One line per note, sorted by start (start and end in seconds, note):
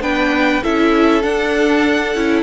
0.00 0.61 B3
0.00 0.62 D4
0.00 0.63 B4
0.00 0.63 G5
0.63 1.23 C#4
0.63 1.22 E4
0.63 2.43 A4
0.63 1.23 E5
1.22 2.14 D4
1.22 2.15 D4
1.22 2.43 F#5
2.15 2.43 C#4
2.15 2.43 E4